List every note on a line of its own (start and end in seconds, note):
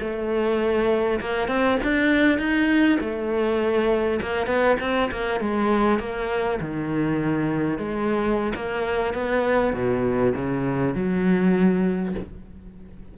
0.00 1.20 A3
1.20 1.48 A#3
1.48 1.78 C4
1.83 2.38 D4
2.38 2.98 D#4
3.00 4.20 A3
4.21 4.46 A#3
4.46 4.76 B3
4.80 5.10 C4
5.11 5.40 A#3
5.40 5.99 G#3
5.99 6.59 A#3
6.60 7.78 D#3
7.78 8.53 G#3
8.55 9.13 A#3
9.13 9.73 B3
9.73 10.33 B2
10.35 10.94 C#3
10.94 12.14 F#3